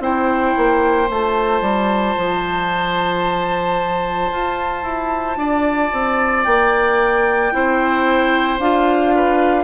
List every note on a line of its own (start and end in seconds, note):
0.00 0.54 C4
0.00 1.06 E4
0.00 5.38 C5
0.00 1.10 G5
0.57 1.10 A#3
1.06 1.62 A3
1.06 7.49 F4
1.06 6.45 A5
1.62 2.15 G3
2.17 4.31 F3
4.32 4.83 F4
4.83 5.37 E4
5.37 5.91 D4
5.37 7.53 D5
5.93 6.46 C4
6.45 7.53 A#3
6.45 8.59 G5
7.52 8.59 C4
7.52 8.59 E4
7.52 9.15 C5
8.59 9.65 D4
8.59 9.65 F4
8.59 9.65 F5
9.15 9.65 B4